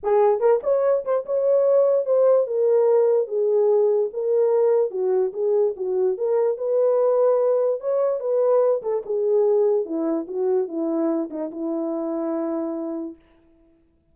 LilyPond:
\new Staff \with { instrumentName = "horn" } { \time 4/4 \tempo 4 = 146 gis'4 ais'8 cis''4 c''8 cis''4~ | cis''4 c''4 ais'2 | gis'2 ais'2 | fis'4 gis'4 fis'4 ais'4 |
b'2. cis''4 | b'4. a'8 gis'2 | e'4 fis'4 e'4. dis'8 | e'1 | }